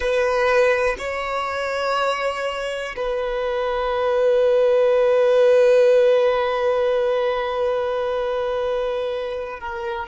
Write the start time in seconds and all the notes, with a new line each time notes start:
0.00 B4
0.98 C#5
2.96 B4
9.59 A#4